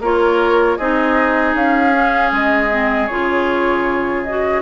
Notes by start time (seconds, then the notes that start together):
0.00 A#3 F4 A#4 C#5
0.77 C4 D#4 G#4 D#5
1.54 C#4 F5
1.93 C#4
2.32 G#3 D#5
2.71 C4
3.07 C#3 F4 C#5
4.23 F#4 D#5